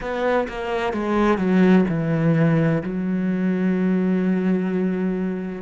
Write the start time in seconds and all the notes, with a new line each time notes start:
0.00 B3
0.48 A#3
0.93 G#3
1.38 F#3
1.88 E3
2.83 F#3